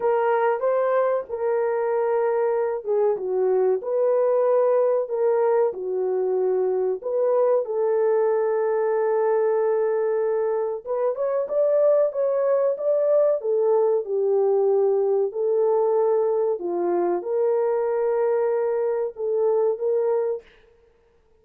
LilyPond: \new Staff \with { instrumentName = "horn" } { \time 4/4 \tempo 4 = 94 ais'4 c''4 ais'2~ | ais'8 gis'8 fis'4 b'2 | ais'4 fis'2 b'4 | a'1~ |
a'4 b'8 cis''8 d''4 cis''4 | d''4 a'4 g'2 | a'2 f'4 ais'4~ | ais'2 a'4 ais'4 | }